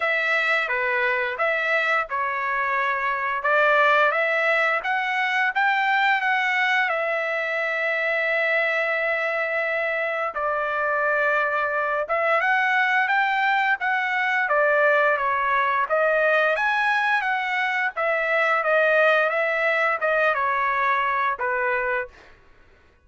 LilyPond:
\new Staff \with { instrumentName = "trumpet" } { \time 4/4 \tempo 4 = 87 e''4 b'4 e''4 cis''4~ | cis''4 d''4 e''4 fis''4 | g''4 fis''4 e''2~ | e''2. d''4~ |
d''4. e''8 fis''4 g''4 | fis''4 d''4 cis''4 dis''4 | gis''4 fis''4 e''4 dis''4 | e''4 dis''8 cis''4. b'4 | }